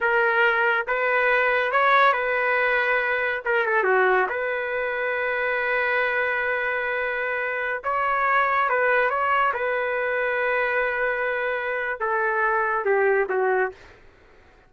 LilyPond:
\new Staff \with { instrumentName = "trumpet" } { \time 4/4 \tempo 4 = 140 ais'2 b'2 | cis''4 b'2. | ais'8 a'8 fis'4 b'2~ | b'1~ |
b'2~ b'16 cis''4.~ cis''16~ | cis''16 b'4 cis''4 b'4.~ b'16~ | b'1 | a'2 g'4 fis'4 | }